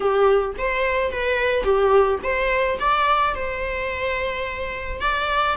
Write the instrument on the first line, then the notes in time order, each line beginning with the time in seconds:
viola
0.00 G4
0.57 C5
1.11 B4
1.63 G4
2.23 C5
2.79 D5
3.34 C5
5.01 D5